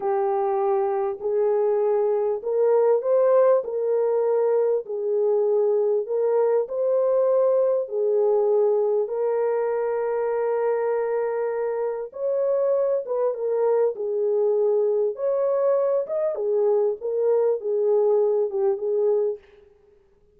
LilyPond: \new Staff \with { instrumentName = "horn" } { \time 4/4 \tempo 4 = 99 g'2 gis'2 | ais'4 c''4 ais'2 | gis'2 ais'4 c''4~ | c''4 gis'2 ais'4~ |
ais'1 | cis''4. b'8 ais'4 gis'4~ | gis'4 cis''4. dis''8 gis'4 | ais'4 gis'4. g'8 gis'4 | }